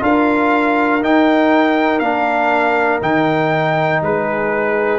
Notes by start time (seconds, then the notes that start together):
0.00 D4 F4 A#4 F5
1.01 D#4 G5
1.99 A#3 D4 F5
3.01 D#3 D#4 G5
4.01 G#3 G#4 B4